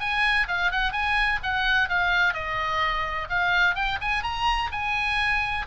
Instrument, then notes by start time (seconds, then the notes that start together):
oboe
0.00 G#5
0.48 F5
0.72 F#5
0.92 G#5
1.43 F#5
1.89 F5
2.34 D#5
3.29 F5
3.75 G5
4.01 G#5
4.23 A#5
4.72 G#5